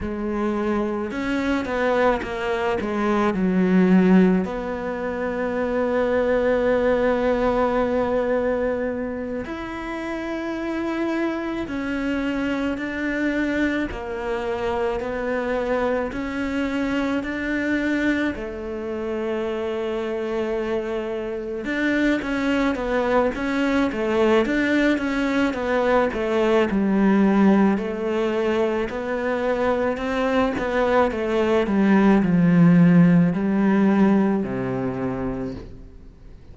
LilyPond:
\new Staff \with { instrumentName = "cello" } { \time 4/4 \tempo 4 = 54 gis4 cis'8 b8 ais8 gis8 fis4 | b1~ | b8 e'2 cis'4 d'8~ | d'8 ais4 b4 cis'4 d'8~ |
d'8 a2. d'8 | cis'8 b8 cis'8 a8 d'8 cis'8 b8 a8 | g4 a4 b4 c'8 b8 | a8 g8 f4 g4 c4 | }